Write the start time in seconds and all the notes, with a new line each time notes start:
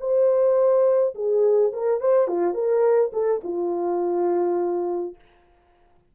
0.00 C5
1.15 G#4
1.73 A#4
2.00 C5
2.28 F4
2.54 A#4
3.13 A4
3.44 F4